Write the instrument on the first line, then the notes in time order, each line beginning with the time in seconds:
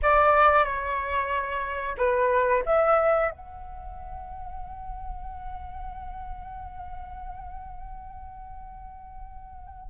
flute
0.02 D5
0.64 C#5
1.97 B4
2.65 E5
3.31 F#5